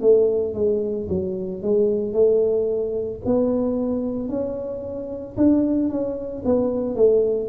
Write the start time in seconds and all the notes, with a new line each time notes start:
0.00 A3
0.54 G#3
1.09 F#3
1.62 G#3
2.13 A3
3.25 B3
4.28 C#4
5.37 D4
5.89 C#4
6.44 B3
6.95 A3